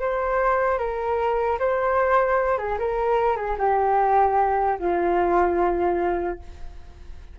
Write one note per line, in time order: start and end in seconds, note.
0.00 0.78 C5
0.78 1.58 A#4
1.59 2.58 C5
2.58 2.78 G#4
2.79 3.36 A#4
3.36 3.56 G#4
3.58 4.78 G4
4.79 6.39 F4